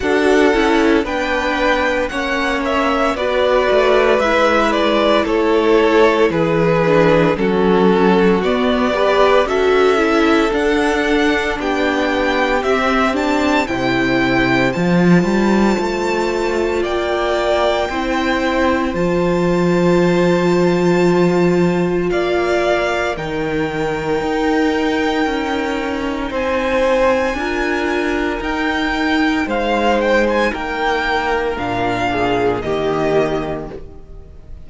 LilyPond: <<
  \new Staff \with { instrumentName = "violin" } { \time 4/4 \tempo 4 = 57 fis''4 g''4 fis''8 e''8 d''4 | e''8 d''8 cis''4 b'4 a'4 | d''4 e''4 fis''4 g''4 | e''8 a''8 g''4 a''2 |
g''2 a''2~ | a''4 f''4 g''2~ | g''4 gis''2 g''4 | f''8 g''16 gis''16 g''4 f''4 dis''4 | }
  \new Staff \with { instrumentName = "violin" } { \time 4/4 a'4 b'4 cis''4 b'4~ | b'4 a'4 gis'4 fis'4~ | fis'8 b'8 a'2 g'4~ | g'4 c''2. |
d''4 c''2.~ | c''4 d''4 ais'2~ | ais'4 c''4 ais'2 | c''4 ais'4. gis'8 g'4 | }
  \new Staff \with { instrumentName = "viola" } { \time 4/4 fis'8 e'8 d'4 cis'4 fis'4 | e'2~ e'8 d'8 cis'4 | b8 g'8 fis'8 e'8 d'2 | c'8 d'8 e'4 f'2~ |
f'4 e'4 f'2~ | f'2 dis'2~ | dis'2 f'4 dis'4~ | dis'2 d'4 ais4 | }
  \new Staff \with { instrumentName = "cello" } { \time 4/4 d'8 cis'8 b4 ais4 b8 a8 | gis4 a4 e4 fis4 | b4 cis'4 d'4 b4 | c'4 c4 f8 g8 a4 |
ais4 c'4 f2~ | f4 ais4 dis4 dis'4 | cis'4 c'4 d'4 dis'4 | gis4 ais4 ais,4 dis4 | }
>>